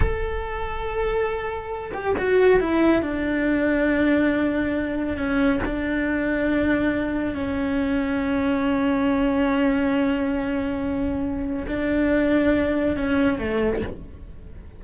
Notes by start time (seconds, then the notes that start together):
0.00 A4
1.93 G4
2.18 F#4
2.60 E4
3.01 D4
5.16 C#4
5.65 D4
7.34 C#4
11.67 D4
12.96 C#4
13.38 A3